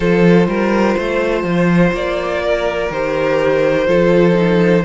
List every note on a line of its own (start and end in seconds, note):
0.00 0.47 F3
0.00 2.91 F4
0.00 0.47 A4
0.00 1.91 C5
0.47 0.95 G3
0.47 0.97 A#4
0.98 1.43 A3
0.98 2.42 C5
1.43 1.91 F3
1.92 2.89 A#3
1.92 2.92 D5
2.42 3.87 A#4
2.90 3.86 D#3
2.90 3.87 G4
2.90 4.84 C5
3.87 4.84 F3
3.87 4.34 F4
3.87 4.84 A4
4.34 4.83 D#4